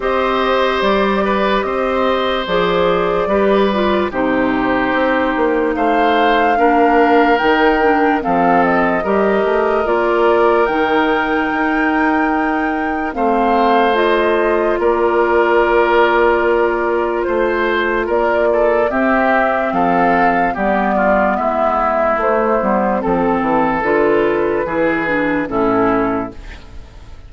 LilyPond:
<<
  \new Staff \with { instrumentName = "flute" } { \time 4/4 \tempo 4 = 73 dis''4 d''4 dis''4 d''4~ | d''4 c''2 f''4~ | f''4 g''4 f''8 dis''4. | d''4 g''2. |
f''4 dis''4 d''2~ | d''4 c''4 d''4 e''4 | f''4 d''4 e''4 c''4 | a'4 b'2 a'4 | }
  \new Staff \with { instrumentName = "oboe" } { \time 4/4 c''4. b'8 c''2 | b'4 g'2 c''4 | ais'2 a'4 ais'4~ | ais'1 |
c''2 ais'2~ | ais'4 c''4 ais'8 a'8 g'4 | a'4 g'8 f'8 e'2 | a'2 gis'4 e'4 | }
  \new Staff \with { instrumentName = "clarinet" } { \time 4/4 g'2. gis'4 | g'8 f'8 dis'2. | d'4 dis'8 d'8 c'4 g'4 | f'4 dis'2. |
c'4 f'2.~ | f'2. c'4~ | c'4 b2 a8 b8 | c'4 f'4 e'8 d'8 cis'4 | }
  \new Staff \with { instrumentName = "bassoon" } { \time 4/4 c'4 g4 c'4 f4 | g4 c4 c'8 ais8 a4 | ais4 dis4 f4 g8 a8 | ais4 dis4 dis'2 |
a2 ais2~ | ais4 a4 ais4 c'4 | f4 g4 gis4 a8 g8 | f8 e8 d4 e4 a,4 | }
>>